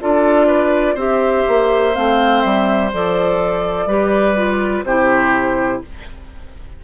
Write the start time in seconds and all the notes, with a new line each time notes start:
0.00 D4 F4 A4 D5
0.46 B4
0.94 C4 G4 C5 E5
1.47 A#3
1.93 A3 C4 F5
2.41 G3 E5
2.93 F3 A4 D5
3.86 G3 G4 B4
4.35 F4
4.83 C3 E4 G4 C5